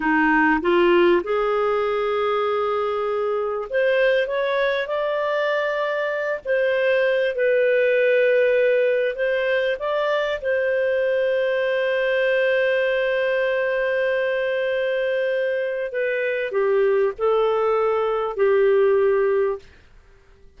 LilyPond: \new Staff \with { instrumentName = "clarinet" } { \time 4/4 \tempo 4 = 98 dis'4 f'4 gis'2~ | gis'2 c''4 cis''4 | d''2~ d''8 c''4. | b'2. c''4 |
d''4 c''2.~ | c''1~ | c''2 b'4 g'4 | a'2 g'2 | }